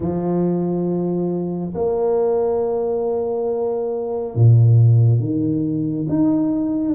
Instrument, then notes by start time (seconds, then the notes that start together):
tuba
0.00 F3
1.74 A#3
4.35 A#2
5.19 D#3
6.09 D#4